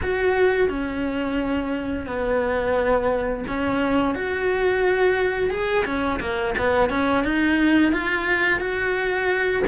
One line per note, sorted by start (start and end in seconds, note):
0.02 0.69 F#4
0.69 2.06 C#4
2.06 3.44 B3
3.47 4.14 C#4
4.14 5.50 F#4
5.50 5.84 G#4
5.85 6.19 C#4
6.20 6.54 A#3
6.57 6.89 B3
6.89 7.24 C#4
7.24 7.92 D#4
7.92 8.60 F4
8.60 9.63 F#4